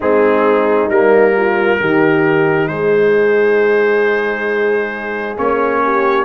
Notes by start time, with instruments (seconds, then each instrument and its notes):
0.00 tuba G#3, trombone C4, horn D#4, trumpet G#4
0.88 tuba G3, trombone A#3, trumpet A#4
1.36 horn F4
1.79 tuba D#3, trombone D#4, horn G4
2.68 tuba G#3, horn G#4, trumpet C5
5.36 tuba A#3, trombone C#4, trumpet C#5
5.83 horn G4